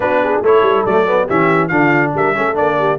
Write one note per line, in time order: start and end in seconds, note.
0.00 0.40 B3
0.00 0.43 D4
0.00 0.23 F#4
0.00 0.42 B4
0.23 0.43 G#4
0.42 0.61 A3
0.42 0.87 E4
0.42 1.26 A4
0.42 0.85 C#5
0.61 0.83 G3
0.85 1.28 F#3
0.85 1.06 A3
0.85 1.28 D5
1.06 1.28 B3
1.26 1.70 E3
1.26 1.70 C#4
1.26 1.69 G4
1.26 1.67 E5
1.67 2.13 D3
1.67 2.34 D4
1.67 2.12 F4
1.67 2.10 F5
2.14 2.35 G3
2.14 2.37 A#4
2.14 2.56 E5
2.34 2.59 A3
2.34 2.54 C#4
2.34 2.78 A4
2.54 2.98 A#3
2.54 2.96 D4
2.54 2.98 D5
2.78 2.98 G4